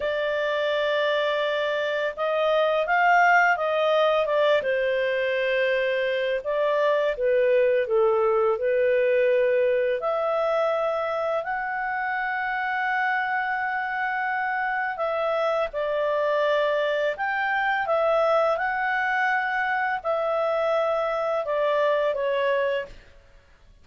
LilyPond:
\new Staff \with { instrumentName = "clarinet" } { \time 4/4 \tempo 4 = 84 d''2. dis''4 | f''4 dis''4 d''8 c''4.~ | c''4 d''4 b'4 a'4 | b'2 e''2 |
fis''1~ | fis''4 e''4 d''2 | g''4 e''4 fis''2 | e''2 d''4 cis''4 | }